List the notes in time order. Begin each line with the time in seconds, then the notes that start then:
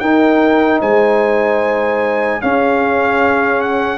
0.00 D#4 A#4 G5
0.81 G#3 C5 G#5
2.41 C#4 G#4 F5
3.62 F#5